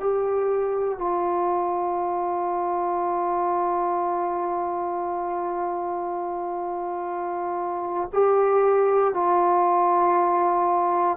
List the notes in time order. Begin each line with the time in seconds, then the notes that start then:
0.00 G4
0.98 F4
8.13 G4
9.14 F4